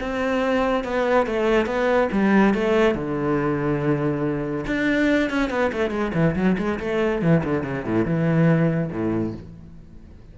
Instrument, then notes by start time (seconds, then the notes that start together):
cello
0.00 C4
0.84 B3
1.26 A3
1.66 B3
2.11 G3
2.54 A3
2.94 D3
4.66 D4
5.29 C#4
5.50 B3
5.72 A3
5.90 G#3
6.14 E3
6.35 F#3
6.58 G#3
6.79 A3
7.22 E3
7.44 D3
7.63 C#3
7.85 A2
8.05 E3
8.91 A2